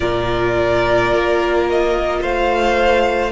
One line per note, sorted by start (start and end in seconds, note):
0.00 1.12 A#2
0.00 3.32 F4
0.00 2.19 A#4
0.00 1.66 D5
1.13 2.22 A#3
1.69 2.23 D#5
2.21 3.32 A3
2.21 3.32 C5
2.21 3.32 F5